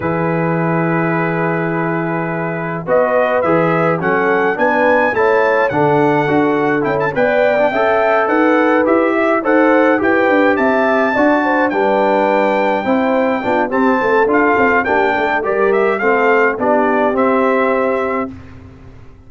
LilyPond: <<
  \new Staff \with { instrumentName = "trumpet" } { \time 4/4 \tempo 4 = 105 b'1~ | b'4 dis''4 e''4 fis''4 | gis''4 a''4 fis''2 | g''16 a''16 g''2 fis''4 e''8~ |
e''8 fis''4 g''4 a''4.~ | a''8 g''2.~ g''8 | a''4 f''4 g''4 d''8 e''8 | f''4 d''4 e''2 | }
  \new Staff \with { instrumentName = "horn" } { \time 4/4 gis'1~ | gis'4 b'2 a'4 | b'4 cis''4 a'2~ | a'8 d''4 e''4 b'4. |
e''8 c''4 b'4 e''4 d''8 | c''8 b'2 c''4 f'8 | g'8 a'4. g'8 a'8 ais'4 | a'4 g'2. | }
  \new Staff \with { instrumentName = "trombone" } { \time 4/4 e'1~ | e'4 fis'4 gis'4 cis'4 | d'4 e'4 d'4 fis'4 | e'8 b'8. d'16 a'2 g'8~ |
g'8 a'4 g'2 fis'8~ | fis'8 d'2 e'4 d'8 | c'4 f'4 d'4 g'4 | c'4 d'4 c'2 | }
  \new Staff \with { instrumentName = "tuba" } { \time 4/4 e1~ | e4 b4 e4 fis4 | b4 a4 d4 d'4 | cis'8 b4 cis'4 dis'4 e'8~ |
e'8 dis'4 e'8 d'8 c'4 d'8~ | d'8 g2 c'4 b8 | c'8 a8 d'8 c'8 ais8 a8 g4 | a4 b4 c'2 | }
>>